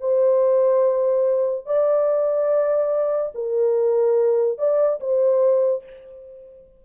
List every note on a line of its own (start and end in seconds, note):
0.00 1.66 C5
1.66 3.32 D5
3.34 4.58 A#4
4.58 5.00 D5
5.00 5.83 C5